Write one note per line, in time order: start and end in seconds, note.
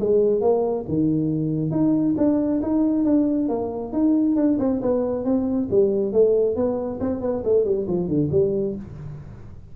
0.00 0.41 G#3
0.41 0.85 A#3
0.88 1.71 D#3
1.71 2.15 D#4
2.17 2.61 D4
2.62 3.05 D#4
3.05 3.49 D4
3.49 3.93 A#3
3.93 4.36 D#4
4.36 4.58 D4
4.59 4.81 C4
4.82 5.25 B3
5.25 5.68 C4
5.71 6.13 G3
6.13 6.56 A3
6.56 7.00 B3
7.00 7.21 C4
7.21 7.43 B3
7.45 7.65 A3
7.65 7.87 G3
7.88 8.08 F3
8.08 8.30 D3
8.32 8.75 G3